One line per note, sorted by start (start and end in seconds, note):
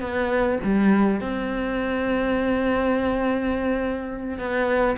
0.00 0.58 B3
0.64 1.20 G3
1.20 4.38 C4
4.38 4.96 B3